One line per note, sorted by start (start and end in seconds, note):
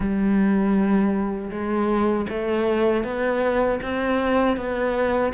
0.00 1.51 G3
1.51 2.26 G#3
2.29 3.03 A3
3.03 3.79 B3
3.82 4.56 C4
4.56 5.32 B3